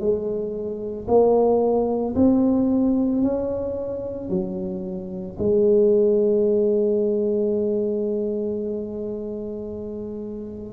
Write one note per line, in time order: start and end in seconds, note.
0.00 1.07 G#3
1.08 2.15 A#3
2.16 3.22 C4
3.22 4.30 C#4
4.30 5.37 F#3
5.39 10.73 G#3